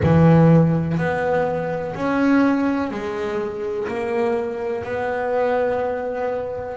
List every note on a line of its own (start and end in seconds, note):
0.03 0.97 E3
0.97 1.94 B3
1.94 2.90 C#4
2.90 3.87 G#3
3.88 4.83 A#3
4.83 6.77 B3